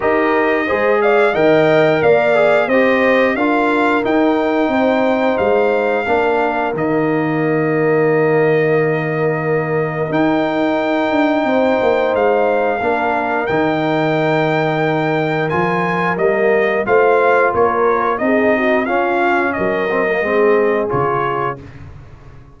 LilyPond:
<<
  \new Staff \with { instrumentName = "trumpet" } { \time 4/4 \tempo 4 = 89 dis''4. f''8 g''4 f''4 | dis''4 f''4 g''2 | f''2 dis''2~ | dis''2. g''4~ |
g''2 f''2 | g''2. gis''4 | dis''4 f''4 cis''4 dis''4 | f''4 dis''2 cis''4 | }
  \new Staff \with { instrumentName = "horn" } { \time 4/4 ais'4 c''8 d''8 dis''4 d''4 | c''4 ais'2 c''4~ | c''4 ais'2.~ | ais'1~ |
ais'4 c''2 ais'4~ | ais'1~ | ais'4 c''4 ais'4 gis'8 fis'8 | f'4 ais'4 gis'2 | }
  \new Staff \with { instrumentName = "trombone" } { \time 4/4 g'4 gis'4 ais'4. gis'8 | g'4 f'4 dis'2~ | dis'4 d'4 ais2~ | ais2. dis'4~ |
dis'2. d'4 | dis'2. f'4 | ais4 f'2 dis'4 | cis'4. c'16 ais16 c'4 f'4 | }
  \new Staff \with { instrumentName = "tuba" } { \time 4/4 dis'4 gis4 dis4 ais4 | c'4 d'4 dis'4 c'4 | gis4 ais4 dis2~ | dis2. dis'4~ |
dis'8 d'8 c'8 ais8 gis4 ais4 | dis2. f4 | g4 a4 ais4 c'4 | cis'4 fis4 gis4 cis4 | }
>>